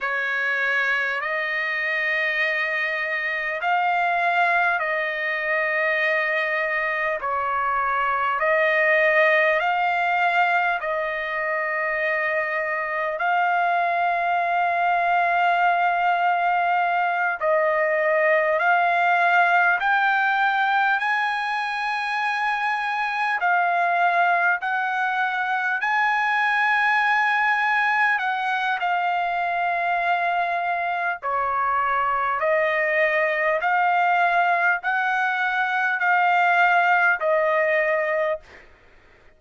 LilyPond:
\new Staff \with { instrumentName = "trumpet" } { \time 4/4 \tempo 4 = 50 cis''4 dis''2 f''4 | dis''2 cis''4 dis''4 | f''4 dis''2 f''4~ | f''2~ f''8 dis''4 f''8~ |
f''8 g''4 gis''2 f''8~ | f''8 fis''4 gis''2 fis''8 | f''2 cis''4 dis''4 | f''4 fis''4 f''4 dis''4 | }